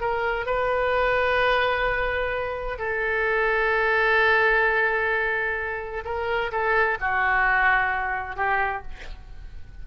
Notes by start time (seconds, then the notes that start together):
0.00 A#4
0.46 B4
2.78 A4
6.04 A#4
6.51 A4
7.00 F#4
8.36 G4